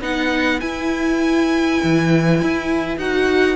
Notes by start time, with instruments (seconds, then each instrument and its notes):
0.00 cello B3, viola D#4, violin B4 F#5
0.61 viola E4, cello E4, violin G#5
1.84 cello E3
2.42 cello E4
2.97 cello D#4, viola F#4, violin F#5